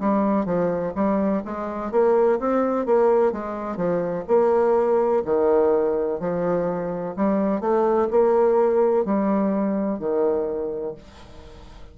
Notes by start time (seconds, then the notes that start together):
0.00 G3
0.45 F3
0.95 G3
1.45 G#3
1.91 A#3
2.40 C4
2.86 A#3
3.32 G#3
3.77 F3
4.28 A#3
5.25 D#3
6.20 F3
7.16 G3
7.61 A3
8.11 A#3
9.05 G3
10.00 D#3